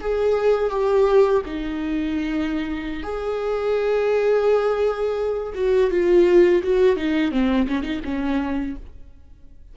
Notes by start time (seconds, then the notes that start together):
0.00 G#4
0.70 G4
1.45 D#4
3.03 G#4
5.54 F#4
5.90 F4
6.62 F#4
6.96 D#4
7.31 C4
7.67 C#4
7.82 D#4
8.04 C#4